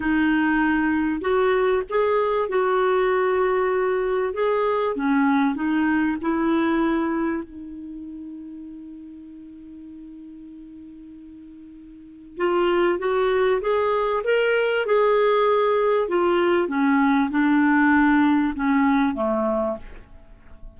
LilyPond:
\new Staff \with { instrumentName = "clarinet" } { \time 4/4 \tempo 4 = 97 dis'2 fis'4 gis'4 | fis'2. gis'4 | cis'4 dis'4 e'2 | dis'1~ |
dis'1 | f'4 fis'4 gis'4 ais'4 | gis'2 f'4 cis'4 | d'2 cis'4 a4 | }